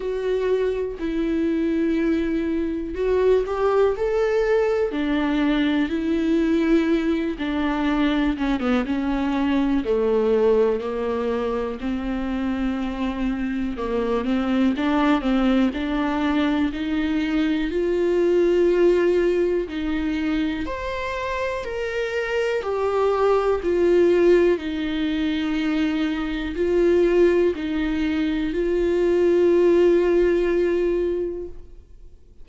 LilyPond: \new Staff \with { instrumentName = "viola" } { \time 4/4 \tempo 4 = 61 fis'4 e'2 fis'8 g'8 | a'4 d'4 e'4. d'8~ | d'8 cis'16 b16 cis'4 a4 ais4 | c'2 ais8 c'8 d'8 c'8 |
d'4 dis'4 f'2 | dis'4 c''4 ais'4 g'4 | f'4 dis'2 f'4 | dis'4 f'2. | }